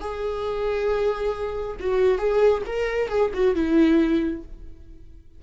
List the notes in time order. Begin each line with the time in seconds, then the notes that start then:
0.00 G#4
1.80 F#4
2.18 G#4
2.66 A#4
3.09 G#4
3.34 F#4
3.55 E4